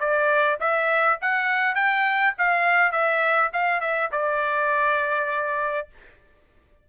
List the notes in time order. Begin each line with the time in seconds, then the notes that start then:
0.00 D5
0.60 E5
1.22 F#5
1.76 G5
2.39 F5
2.93 E5
3.54 F5
3.81 E5
4.12 D5